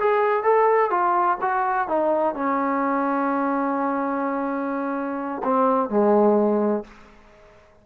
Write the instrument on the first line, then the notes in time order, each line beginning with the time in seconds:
trombone
0.00 G#4
0.44 A4
0.91 F4
1.42 F#4
1.89 D#4
2.35 C#4
5.44 C4
5.90 G#3